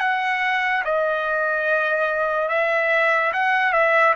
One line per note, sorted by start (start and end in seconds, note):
0.00 0.83 F#5
0.84 2.48 D#5
2.48 3.32 E5
3.33 3.73 F#5
3.73 4.14 E5